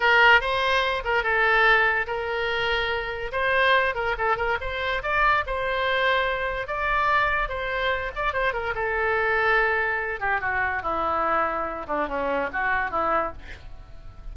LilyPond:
\new Staff \with { instrumentName = "oboe" } { \time 4/4 \tempo 4 = 144 ais'4 c''4. ais'8 a'4~ | a'4 ais'2. | c''4. ais'8 a'8 ais'8 c''4 | d''4 c''2. |
d''2 c''4. d''8 | c''8 ais'8 a'2.~ | a'8 g'8 fis'4 e'2~ | e'8 d'8 cis'4 fis'4 e'4 | }